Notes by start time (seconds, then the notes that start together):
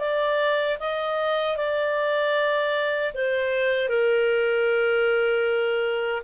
0.00 D5
0.80 D#5
1.57 D5
3.14 C5
3.89 A#4